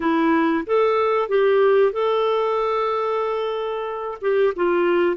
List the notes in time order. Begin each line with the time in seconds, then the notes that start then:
0.00 E4
0.66 A4
1.28 G4
1.92 A4
4.21 G4
4.56 F4